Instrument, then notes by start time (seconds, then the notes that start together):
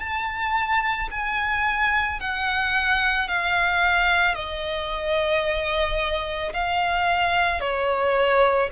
violin
0.00 A5
1.11 G#5
2.20 F#5
3.28 F5
4.34 D#5
6.53 F5
7.61 C#5